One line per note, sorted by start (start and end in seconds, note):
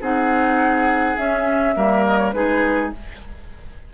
0.00 1.17 C4
0.00 1.17 D#4
0.00 1.75 G#4
0.00 1.17 F#5
1.17 1.75 C#4
1.17 1.76 C#4
1.17 2.04 E5
1.75 2.34 G3
1.75 2.33 A#3
1.75 2.34 A#4
2.06 2.17 D#5
2.17 2.32 C#5
2.32 2.92 G#3
2.32 2.92 D#4
2.32 2.93 G#4
2.32 2.90 B4